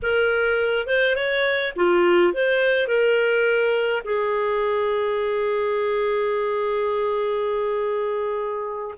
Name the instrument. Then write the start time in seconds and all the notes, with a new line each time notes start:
clarinet
0.02 A#4
0.86 C5
1.15 C#5
1.76 F4
2.33 C5
2.87 A#4
4.04 G#4